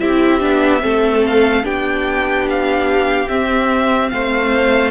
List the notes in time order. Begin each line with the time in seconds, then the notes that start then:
0.00 C4 E4 G4 E5
0.41 B3 D4
0.80 A3 C4 A4
1.27 F5
1.64 B3 D4 G4 G5
2.50 F5
3.29 C4 E5
4.10 A3 C5 F5